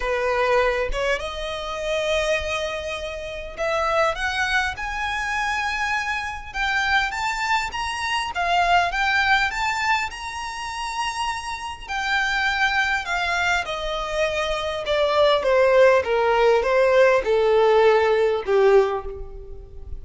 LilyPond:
\new Staff \with { instrumentName = "violin" } { \time 4/4 \tempo 4 = 101 b'4. cis''8 dis''2~ | dis''2 e''4 fis''4 | gis''2. g''4 | a''4 ais''4 f''4 g''4 |
a''4 ais''2. | g''2 f''4 dis''4~ | dis''4 d''4 c''4 ais'4 | c''4 a'2 g'4 | }